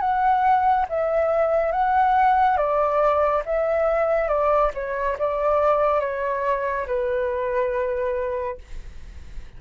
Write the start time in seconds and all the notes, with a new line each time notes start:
0.00 F#5
0.89 E5
1.71 F#5
2.56 D5
3.45 E5
4.28 D5
4.74 C#5
5.18 D5
6.00 C#5
6.86 B4